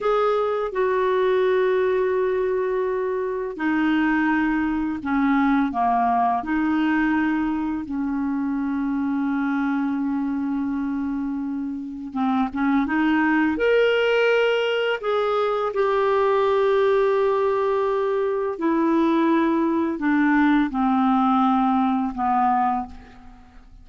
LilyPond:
\new Staff \with { instrumentName = "clarinet" } { \time 4/4 \tempo 4 = 84 gis'4 fis'2.~ | fis'4 dis'2 cis'4 | ais4 dis'2 cis'4~ | cis'1~ |
cis'4 c'8 cis'8 dis'4 ais'4~ | ais'4 gis'4 g'2~ | g'2 e'2 | d'4 c'2 b4 | }